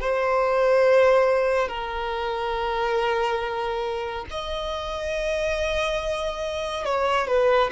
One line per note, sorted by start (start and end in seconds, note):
0.00 1.69 C5
1.69 4.26 A#4
4.31 6.85 D#5
6.85 7.28 C#5
7.28 7.71 B4